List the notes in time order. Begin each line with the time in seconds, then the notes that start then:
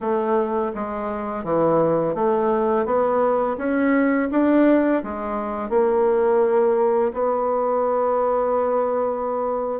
0.00 A3
0.74 G#3
1.44 E3
2.14 A3
2.85 B3
3.57 C#4
4.31 D4
5.03 G#3
5.69 A#3
7.13 B3